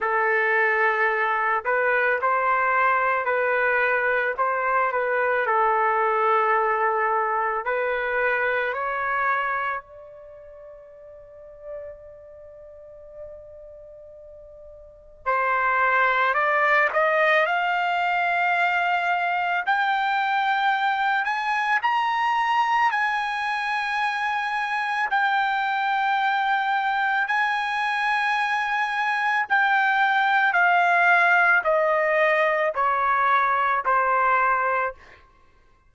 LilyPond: \new Staff \with { instrumentName = "trumpet" } { \time 4/4 \tempo 4 = 55 a'4. b'8 c''4 b'4 | c''8 b'8 a'2 b'4 | cis''4 d''2.~ | d''2 c''4 d''8 dis''8 |
f''2 g''4. gis''8 | ais''4 gis''2 g''4~ | g''4 gis''2 g''4 | f''4 dis''4 cis''4 c''4 | }